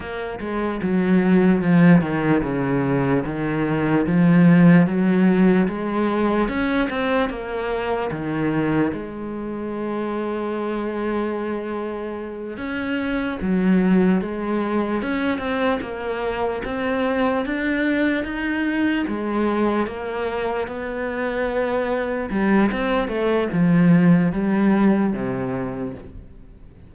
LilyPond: \new Staff \with { instrumentName = "cello" } { \time 4/4 \tempo 4 = 74 ais8 gis8 fis4 f8 dis8 cis4 | dis4 f4 fis4 gis4 | cis'8 c'8 ais4 dis4 gis4~ | gis2.~ gis8 cis'8~ |
cis'8 fis4 gis4 cis'8 c'8 ais8~ | ais8 c'4 d'4 dis'4 gis8~ | gis8 ais4 b2 g8 | c'8 a8 f4 g4 c4 | }